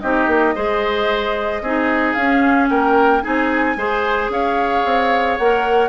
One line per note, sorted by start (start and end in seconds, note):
0.00 0.27 C4
0.00 0.55 D#4
0.00 0.55 G4
0.00 2.13 D#5
0.27 0.54 A#3
0.55 1.61 G#3
0.55 1.63 G#4
0.55 1.62 C5
1.61 2.15 C4
1.61 2.18 D#4
1.61 2.70 G#4
2.13 2.70 C#4
2.13 2.67 F5
2.19 3.22 C#4
2.69 3.23 A#3
2.69 3.23 A#4
2.69 3.22 G5
3.22 3.76 C4
3.22 3.76 D#4
3.22 3.77 G#4
3.22 4.29 G#5
3.76 4.29 G#3
3.76 5.39 G#4
3.76 4.31 C5
4.29 4.83 C#4
4.29 5.89 C#5
4.29 5.38 F5
4.85 5.39 C4
5.38 5.89 A#3
5.38 5.89 A#4
5.38 5.89 F#5